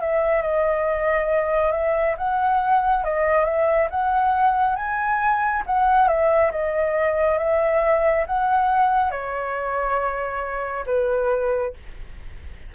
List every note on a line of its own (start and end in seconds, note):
0.00 0.42 E5
0.42 1.72 D#5
1.72 2.15 E5
2.17 3.04 F#5
3.04 3.45 D#5
3.45 3.88 E5
3.90 4.76 F#5
4.76 5.63 G#5
5.66 6.08 F#5
6.08 6.51 E5
6.51 7.38 D#5
7.38 8.25 E5
8.26 9.11 F#5
9.11 10.85 C#5
10.86 11.73 B4